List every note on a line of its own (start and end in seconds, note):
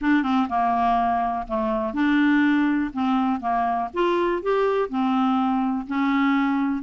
0.01 0.23 D4
0.23 0.47 C4
0.49 1.46 A#3
1.47 1.93 A3
1.93 2.91 D4
2.93 3.40 C4
3.40 3.89 A#3
3.93 4.42 F4
4.42 4.89 G4
4.89 5.86 C4
5.87 6.83 C#4